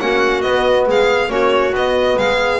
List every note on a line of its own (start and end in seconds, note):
0.00 0.45 A#3
0.00 0.43 C#4
0.00 0.87 F#4
0.00 0.41 F#5
0.41 1.28 B3
0.41 0.87 B3
0.41 0.85 D#5
0.87 1.28 G#3
0.87 1.30 G#4
0.87 1.31 F5
1.28 1.72 A#3
1.28 1.72 C#4
1.28 2.18 F#4
1.28 1.75 C#5
1.72 2.16 B3
1.72 2.60 B3
1.72 2.18 D#5
2.17 2.60 G#3
2.17 2.60 G#4
2.17 2.60 F5